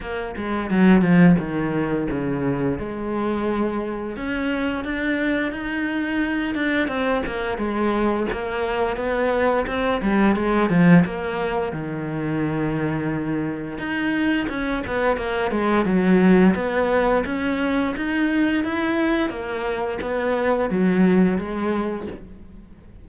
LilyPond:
\new Staff \with { instrumentName = "cello" } { \time 4/4 \tempo 4 = 87 ais8 gis8 fis8 f8 dis4 cis4 | gis2 cis'4 d'4 | dis'4. d'8 c'8 ais8 gis4 | ais4 b4 c'8 g8 gis8 f8 |
ais4 dis2. | dis'4 cis'8 b8 ais8 gis8 fis4 | b4 cis'4 dis'4 e'4 | ais4 b4 fis4 gis4 | }